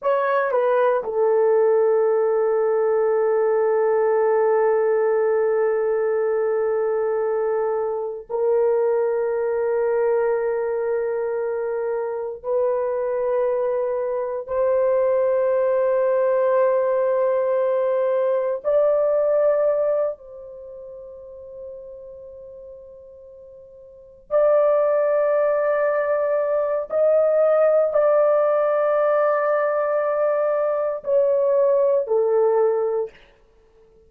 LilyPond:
\new Staff \with { instrumentName = "horn" } { \time 4/4 \tempo 4 = 58 cis''8 b'8 a'2.~ | a'1 | ais'1 | b'2 c''2~ |
c''2 d''4. c''8~ | c''2.~ c''8 d''8~ | d''2 dis''4 d''4~ | d''2 cis''4 a'4 | }